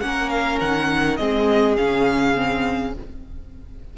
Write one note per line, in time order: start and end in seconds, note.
0.00 0.60 A#3
0.00 1.18 C#4
0.00 1.18 A#4
0.00 0.29 F#5
0.29 0.58 F5
0.60 1.19 D#3
0.60 1.16 F#5
1.16 1.77 G#3
1.16 1.77 C4
1.16 2.93 G#4
1.16 1.74 D#5
1.77 2.97 C#3
1.77 2.35 C#4
1.77 2.93 F5
2.35 2.93 C4